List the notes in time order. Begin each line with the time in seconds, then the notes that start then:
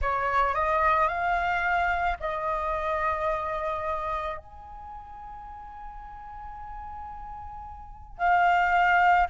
0.01 C#5
0.54 D#5
1.08 F5
2.19 D#5
4.37 G#5
8.17 F5